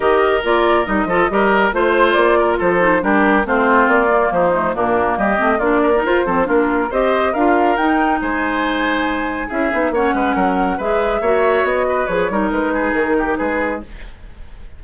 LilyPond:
<<
  \new Staff \with { instrumentName = "flute" } { \time 4/4 \tempo 4 = 139 dis''4 d''4 dis''2 | c''4 d''4 c''4 ais'4 | c''4 d''4 c''4 ais'4 | dis''4 d''4 c''4 ais'4 |
dis''4 f''4 g''4 gis''4~ | gis''2 e''4 fis''4~ | fis''4 e''2 dis''4 | cis''4 b'4 ais'4 b'4 | }
  \new Staff \with { instrumentName = "oboe" } { \time 4/4 ais'2~ ais'8 a'8 ais'4 | c''4. ais'8 a'4 g'4 | f'2 dis'4 d'4 | g'4 f'8 ais'4 a'8 f'4 |
c''4 ais'2 c''4~ | c''2 gis'4 cis''8 b'8 | ais'4 b'4 cis''4. b'8~ | b'8 ais'4 gis'4 g'8 gis'4 | }
  \new Staff \with { instrumentName = "clarinet" } { \time 4/4 g'4 f'4 dis'8 f'8 g'4 | f'2~ f'8 dis'8 d'4 | c'4. ais4 a8 ais4~ | ais8 c'8 d'8. dis'16 f'8 c'8 d'4 |
g'4 f'4 dis'2~ | dis'2 e'8 dis'8 cis'4~ | cis'4 gis'4 fis'2 | gis'8 dis'2.~ dis'8 | }
  \new Staff \with { instrumentName = "bassoon" } { \time 4/4 dis4 ais4 g8 f8 g4 | a4 ais4 f4 g4 | a4 ais4 f4 ais,4 | g8 a8 ais4 f'8 f8 ais4 |
c'4 d'4 dis'4 gis4~ | gis2 cis'8 b8 ais8 gis8 | fis4 gis4 ais4 b4 | f8 g8 gis4 dis4 gis4 | }
>>